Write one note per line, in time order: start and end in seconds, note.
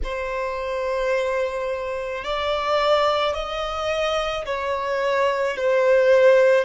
0.03 2.24 C5
2.24 3.33 D5
3.33 4.44 D#5
4.45 5.56 C#5
5.56 6.64 C5